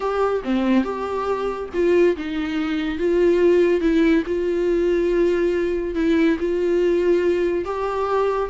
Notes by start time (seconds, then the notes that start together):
0.00 G4
0.44 C4
0.84 G4
1.73 F4
2.16 D#4
2.98 F4
3.80 E4
4.26 F4
5.94 E4
6.39 F4
7.64 G4